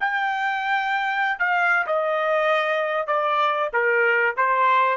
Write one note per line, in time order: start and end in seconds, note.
0.00 1.39 G5
1.39 1.86 F5
1.86 3.07 D#5
3.07 3.70 D5
3.73 4.35 A#4
4.36 4.97 C5